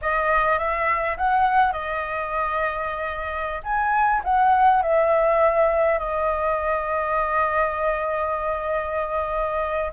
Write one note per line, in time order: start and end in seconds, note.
0.01 0.58 D#5
0.58 1.17 E5
1.17 1.72 F#5
1.72 3.61 D#5
3.63 4.22 G#5
4.24 4.82 F#5
4.82 5.98 E5
5.98 9.92 D#5